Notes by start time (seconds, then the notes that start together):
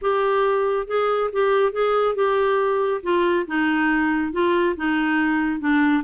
0.01 G4
0.87 G#4
1.32 G4
1.72 G#4
2.15 G4
3.02 F4
3.47 D#4
4.32 F4
4.76 D#4
5.60 D4